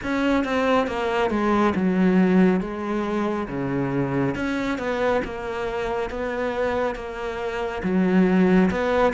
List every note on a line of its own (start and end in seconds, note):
0.03 0.44 C#4
0.44 0.87 C4
0.87 1.30 A#3
1.30 1.74 G#3
1.75 2.60 F#3
2.60 3.47 G#3
3.48 4.35 C#3
4.35 4.78 C#4
4.78 5.21 B3
5.24 6.09 A#3
6.09 6.95 B3
6.95 7.82 A#3
7.83 8.70 F#3
8.70 9.13 B3